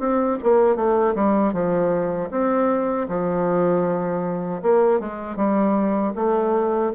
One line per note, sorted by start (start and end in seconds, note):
0.00 0.38 C4
0.43 0.76 A#3
0.76 1.15 A3
1.16 1.53 G3
1.53 2.30 F3
2.31 3.08 C4
3.08 4.62 F3
4.63 5.00 A#3
5.00 5.37 G#3
5.37 6.14 G3
6.16 6.93 A3